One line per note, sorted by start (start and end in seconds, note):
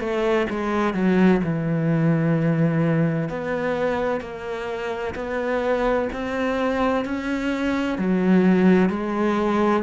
0.00 0.47 A3
0.50 0.94 G#3
0.94 1.41 F#3
1.44 3.29 E3
3.29 4.21 B3
4.21 5.15 A#3
5.15 6.09 B3
6.13 7.05 C4
7.05 7.99 C#4
7.99 8.90 F#3
8.90 9.83 G#3